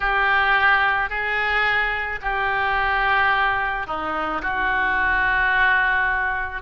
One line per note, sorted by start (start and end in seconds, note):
0.00 1.09 G4
1.09 2.19 G#4
2.21 3.86 G4
3.86 4.41 D#4
4.42 6.62 F#4